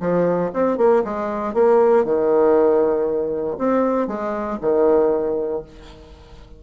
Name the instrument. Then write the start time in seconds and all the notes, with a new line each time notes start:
bassoon
0.00 F3
0.53 C4
0.77 A#3
1.04 G#3
1.53 A#3
2.04 D#3
3.58 C4
4.07 G#3
4.61 D#3